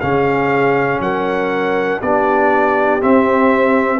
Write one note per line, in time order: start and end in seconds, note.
0.00 1.00 C#3
0.00 2.02 C#4
0.00 1.00 G#4
0.00 1.01 F5
1.00 2.00 F#3
1.00 2.02 A#4
1.00 2.01 F#5
2.01 3.02 B3
2.01 3.00 D4
2.01 4.00 G4
2.01 3.01 D5
3.00 4.00 C4
3.00 4.00 E5